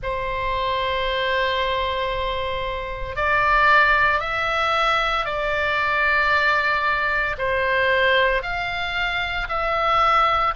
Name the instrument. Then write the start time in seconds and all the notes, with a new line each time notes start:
oboe
0.02 C5
3.16 D5
4.20 E5
5.25 D5
7.37 C5
8.42 F5
9.48 E5